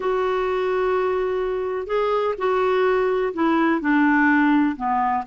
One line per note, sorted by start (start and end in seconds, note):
0.00 1.87 F#4
1.87 2.34 G#4
2.38 3.33 F#4
3.33 3.81 E4
3.81 4.76 D4
4.76 5.24 B3